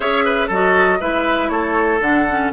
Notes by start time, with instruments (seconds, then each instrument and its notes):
0.00 bassoon C#4, clarinet G#4, oboe C#5, flute E5
0.24 oboe B4
0.47 bassoon F#3, clarinet F#4, oboe A4, flute D#5
1.00 bassoon G#3, clarinet E4, oboe B4, flute E5
1.49 bassoon A3, oboe A4, flute C#5
2.00 bassoon D3, clarinet D4, flute F#5
2.30 clarinet C#4